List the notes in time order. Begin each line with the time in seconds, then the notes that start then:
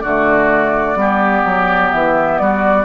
0.00 D3 A3 F#4 D5
0.95 G3 B3 G4
1.44 F#3
1.91 E3 E5
2.38 G3 F#4 D5